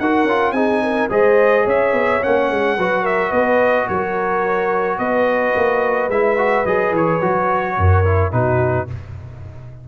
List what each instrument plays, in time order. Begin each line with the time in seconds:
0.00 tuba D#4, trombone F#4, horn A#4, trumpet F#5
0.25 tuba C#4, trombone F4
0.52 tuba C4, trombone D#4, horn G#4, trumpet G#5
0.83 horn A#4
1.10 tuba G#3, trombone G#4, horn C5, trumpet D#5
1.66 tuba C#4, horn C#5, trumpet E5
1.93 tuba B3
2.23 tuba A#3, trombone C#4, trumpet F#5
2.51 tuba G#3
2.78 tuba F#3, trombone F#4, horn B4
3.03 horn A#4, trumpet E5
3.30 tuba B3, horn B4, trumpet D#5
3.89 tuba F#3, horn A#4, trumpet C#5
4.99 tuba B3, horn B4, trumpet D#5
5.56 tuba A#3
6.09 tuba G#3, trombone E4, trumpet E5
6.38 trombone F#4
6.65 tuba F#3, trombone G#4, trumpet D#5
6.92 tuba E3, trumpet C#5
7.22 tuba F#3, trombone F#4
7.78 tuba F#2, horn A#4
8.05 trombone E4
8.32 tuba B2, trombone D#4, horn F#4, trumpet B4